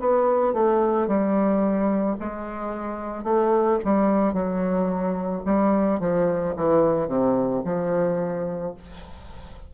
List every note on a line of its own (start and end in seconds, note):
0.00 0.54 B3
0.54 1.08 A3
1.08 2.17 G3
2.20 3.24 G#3
3.24 3.79 A3
3.85 4.33 G3
4.33 5.42 F#3
5.46 6.00 G3
6.00 6.55 F3
6.57 7.08 E3
7.08 7.63 C3
7.65 8.74 F3